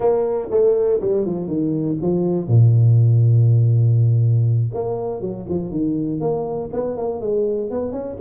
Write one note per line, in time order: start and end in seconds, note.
0.00 0.48 A#3
0.50 1.00 A3
1.01 1.25 G3
1.25 1.47 F3
1.47 1.96 D#3
2.01 2.47 F3
2.47 4.70 A#2
4.74 5.20 A#3
5.20 5.45 F#3
5.49 5.70 F3
5.70 6.20 D#3
6.20 6.69 A#3
6.73 6.96 B3
6.96 7.21 A#3
7.21 7.70 G#3
7.70 7.92 B3
7.92 8.17 C#4